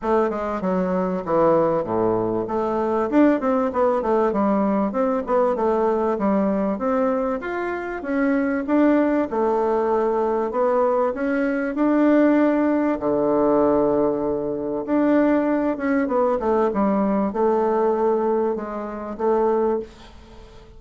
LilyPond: \new Staff \with { instrumentName = "bassoon" } { \time 4/4 \tempo 4 = 97 a8 gis8 fis4 e4 a,4 | a4 d'8 c'8 b8 a8 g4 | c'8 b8 a4 g4 c'4 | f'4 cis'4 d'4 a4~ |
a4 b4 cis'4 d'4~ | d'4 d2. | d'4. cis'8 b8 a8 g4 | a2 gis4 a4 | }